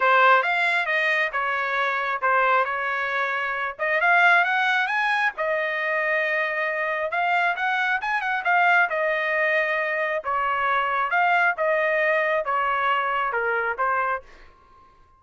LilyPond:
\new Staff \with { instrumentName = "trumpet" } { \time 4/4 \tempo 4 = 135 c''4 f''4 dis''4 cis''4~ | cis''4 c''4 cis''2~ | cis''8 dis''8 f''4 fis''4 gis''4 | dis''1 |
f''4 fis''4 gis''8 fis''8 f''4 | dis''2. cis''4~ | cis''4 f''4 dis''2 | cis''2 ais'4 c''4 | }